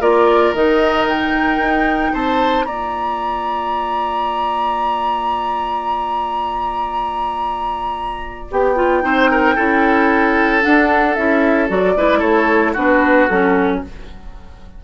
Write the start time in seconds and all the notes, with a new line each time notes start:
0.00 A#3 F4 A#4 D5
0.53 D#3 D#4 D#5
1.08 G5
1.58 D#4
2.13 C4 C5 A5
2.64 A#3 F4 D5 A#5
8.51 B3 G4 G5
8.75 F4
9.02 C4 D#4 C5
9.31 A#4
9.55 C#4 E4 A4
10.61 D4 F#5
11.14 C#4 E4 E5
11.68 F#3 F#4 D5
11.96 G#3 E4 B4
12.19 A3 A4 C#5
12.73 B3 D4 F#4 B4
13.28 F#3 C#4 A4